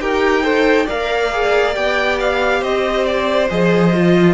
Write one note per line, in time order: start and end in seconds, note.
0.00 0.87 D#4
0.00 0.43 G4
0.00 0.43 A#4
0.00 0.87 G5
0.43 0.86 A4
0.43 0.86 C5
0.86 1.76 A#3
0.86 1.32 A#4
0.86 2.60 D5
0.86 1.75 F5
1.32 1.73 G#4
1.73 2.61 B3
1.73 3.47 G4
1.73 2.18 G5
2.20 2.63 F5
2.60 3.48 C4
2.60 4.34 C5
2.60 3.05 D#5
3.05 3.49 D5
3.49 4.34 F3
3.49 3.93 G#4
3.49 4.34 D#5
3.93 4.34 F4